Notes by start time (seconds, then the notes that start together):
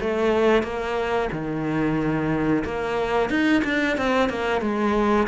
0.00 A3
0.63 A#3
1.32 D#3
2.65 A#3
3.30 D#4
3.64 D4
3.97 C4
4.29 A#3
4.61 G#3